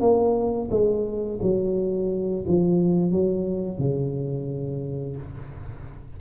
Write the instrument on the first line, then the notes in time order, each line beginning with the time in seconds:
tuba
0.00 A#3
0.71 G#3
1.42 F#3
2.47 F3
3.11 F#3
3.78 C#3